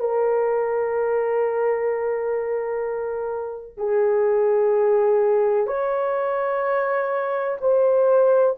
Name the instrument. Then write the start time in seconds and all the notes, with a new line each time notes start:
horn
0.00 A#4
3.77 G#4
5.67 C#5
7.61 C5